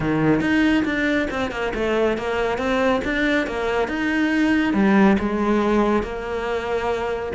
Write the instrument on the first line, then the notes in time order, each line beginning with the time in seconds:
cello
0.00 D#3
0.40 D#4
0.84 D4
1.30 C4
1.51 A#3
1.74 A3
2.17 A#3
2.58 C4
3.04 D4
3.46 A#3
3.88 D#4
4.73 G3
5.19 G#3
6.03 A#3